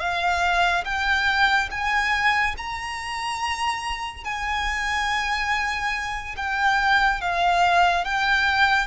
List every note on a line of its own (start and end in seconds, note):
0.00 0.85 F5
0.85 1.69 G5
1.71 2.56 G#5
2.58 4.24 A#5
4.24 6.35 G#5
6.37 7.21 G5
7.21 8.05 F5
8.05 8.87 G5